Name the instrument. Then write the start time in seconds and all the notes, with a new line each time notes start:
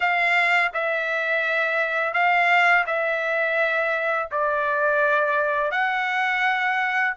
trumpet
0.00 F5
0.73 E5
2.13 F5
2.86 E5
4.31 D5
5.71 F#5